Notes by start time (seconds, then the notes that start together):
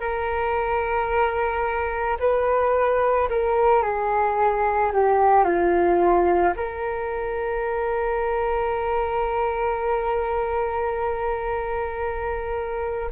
0.00 A#4
2.20 B4
3.30 A#4
3.83 G#4
4.93 G4
5.44 F4
6.57 A#4